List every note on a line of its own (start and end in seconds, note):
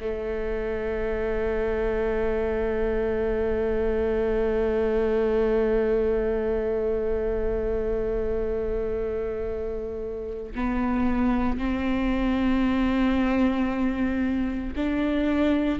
0.00 10.53 A3
10.55 11.58 B3
11.58 14.74 C4
14.76 15.79 D4